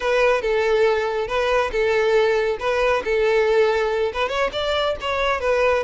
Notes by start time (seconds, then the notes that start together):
0.00 B4
0.41 A4
1.27 B4
1.71 A4
2.59 B4
3.04 A4
4.13 B4
4.28 C#5
4.52 D5
5.01 C#5
5.40 B4